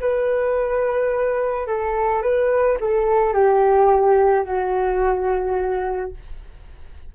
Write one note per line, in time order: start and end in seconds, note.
0.00 1.67 B4
1.67 2.22 A4
2.22 2.77 B4
2.80 3.33 A4
3.33 4.44 G4
4.44 6.11 F#4